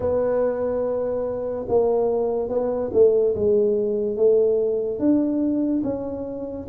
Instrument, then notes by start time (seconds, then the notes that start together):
tuba
0.00 B3
1.68 A#3
2.48 B3
2.93 A3
3.35 G#3
4.16 A3
4.99 D4
5.83 C#4